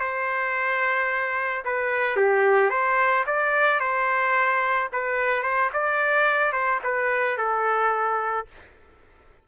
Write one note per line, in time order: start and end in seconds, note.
0.00 1.64 C5
1.65 2.16 B4
2.16 2.70 G4
2.70 3.25 C5
3.27 3.80 D5
3.80 4.89 C5
4.92 5.43 B4
5.43 5.70 C5
5.73 6.52 D5
6.52 6.80 C5
6.84 7.38 B4
7.38 8.47 A4